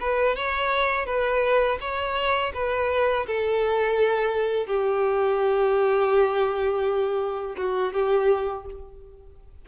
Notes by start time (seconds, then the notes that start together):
0.00 B4
0.36 C#5
1.06 B4
1.81 C#5
2.54 B4
3.27 A4
4.67 G4
7.57 F#4
7.94 G4